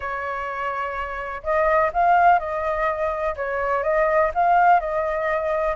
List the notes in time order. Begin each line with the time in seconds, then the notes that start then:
0.00 C#5
1.43 D#5
1.93 F5
2.39 D#5
3.36 C#5
3.83 D#5
4.34 F5
4.79 D#5